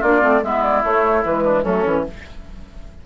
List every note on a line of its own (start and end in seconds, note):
0.00 0.23 A#3
0.00 0.21 D4
0.00 0.41 F4
0.00 0.43 D5
0.21 0.43 A3
0.21 0.41 C4
0.43 0.84 G#3
0.43 0.84 B3
0.43 1.44 E4
0.43 0.63 E5
0.63 0.83 D5
0.84 1.24 A3
0.84 1.25 C#5
1.24 1.65 E3
1.24 1.66 G#3
1.24 1.64 B4
1.44 1.63 D4
1.63 1.85 F#3
1.63 1.84 A3
1.63 2.04 C#4
1.63 2.05 A4
1.84 2.06 E3
1.84 2.05 C#4